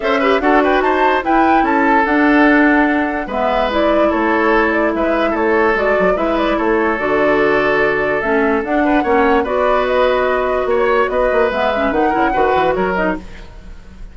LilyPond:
<<
  \new Staff \with { instrumentName = "flute" } { \time 4/4 \tempo 4 = 146 e''4 fis''8 g''8 a''4 g''4 | a''4 fis''2. | e''4 d''4 cis''4. d''8 | e''4 cis''4 d''4 e''8 d''8 |
cis''4 d''2. | e''4 fis''2 d''4 | dis''2 cis''4 dis''4 | e''4 fis''2 cis''8 dis''8 | }
  \new Staff \with { instrumentName = "oboe" } { \time 4/4 c''8 b'8 a'8 b'8 c''4 b'4 | a'1 | b'2 a'2 | b'4 a'2 b'4 |
a'1~ | a'4. b'8 cis''4 b'4~ | b'2 cis''4 b'4~ | b'4. ais'8 b'4 ais'4 | }
  \new Staff \with { instrumentName = "clarinet" } { \time 4/4 a'8 g'8 fis'2 e'4~ | e'4 d'2. | b4 e'2.~ | e'2 fis'4 e'4~ |
e'4 fis'2. | cis'4 d'4 cis'4 fis'4~ | fis'1 | b8 cis'8 dis'8 e'8 fis'4. dis'8 | }
  \new Staff \with { instrumentName = "bassoon" } { \time 4/4 cis'4 d'4 dis'4 e'4 | cis'4 d'2. | gis2 a2 | gis4 a4 gis8 fis8 gis4 |
a4 d2. | a4 d'4 ais4 b4~ | b2 ais4 b8 ais8 | gis4 dis8 cis8 dis8 e8 fis4 | }
>>